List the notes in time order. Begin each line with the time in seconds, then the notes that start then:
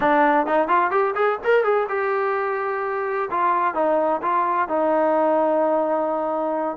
0.00 D4
0.46 D#4
0.68 F4
0.91 G4
1.15 G#4
1.43 A#4
1.63 G#4
1.89 G4
3.30 F4
3.74 D#4
4.22 F4
4.68 D#4